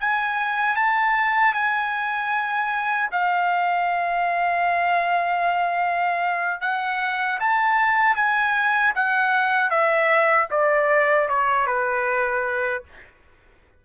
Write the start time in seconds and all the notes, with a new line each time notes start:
0.00 G#5
0.76 A5
1.54 G#5
3.11 F5
6.61 F#5
7.40 A5
8.16 G#5
8.95 F#5
9.70 E5
10.51 D5
11.29 C#5
11.67 B4